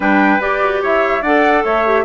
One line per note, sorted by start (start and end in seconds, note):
0.00 0.40 G3
0.00 0.39 D4
0.00 0.81 B4
0.00 0.41 G5
0.39 1.22 G4
0.39 0.61 G4
0.39 0.82 D5
0.62 0.82 F#4
0.82 1.22 E4
0.82 1.22 C#5
0.82 1.22 E5
1.22 1.63 D4
1.22 1.86 A4
1.22 1.63 D5
1.22 1.63 F#5
1.64 2.04 A3
1.64 2.04 C#5
1.64 2.04 E5
1.86 2.04 G4